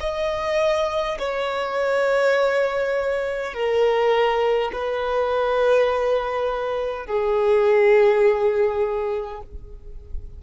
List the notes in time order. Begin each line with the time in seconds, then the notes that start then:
0.00 D#5
1.18 C#5
3.53 A#4
4.72 B4
7.06 G#4